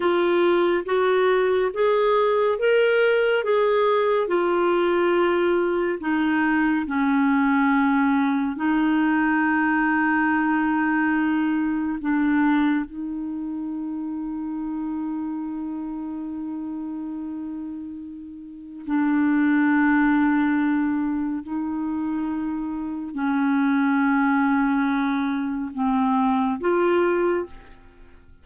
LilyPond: \new Staff \with { instrumentName = "clarinet" } { \time 4/4 \tempo 4 = 70 f'4 fis'4 gis'4 ais'4 | gis'4 f'2 dis'4 | cis'2 dis'2~ | dis'2 d'4 dis'4~ |
dis'1~ | dis'2 d'2~ | d'4 dis'2 cis'4~ | cis'2 c'4 f'4 | }